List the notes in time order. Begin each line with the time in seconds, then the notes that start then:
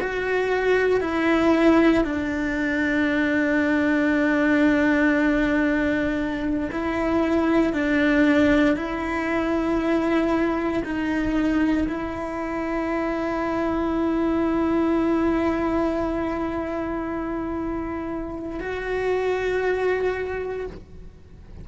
0.00 F#4
1.01 E4
2.04 D4
6.71 E4
7.73 D4
8.76 E4
10.84 D#4
11.88 E4
18.60 F#4